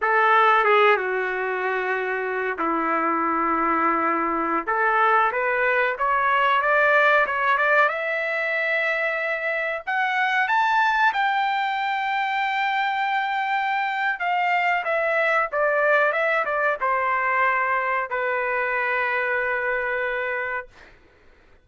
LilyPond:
\new Staff \with { instrumentName = "trumpet" } { \time 4/4 \tempo 4 = 93 a'4 gis'8 fis'2~ fis'8 | e'2.~ e'16 a'8.~ | a'16 b'4 cis''4 d''4 cis''8 d''16~ | d''16 e''2. fis''8.~ |
fis''16 a''4 g''2~ g''8.~ | g''2 f''4 e''4 | d''4 e''8 d''8 c''2 | b'1 | }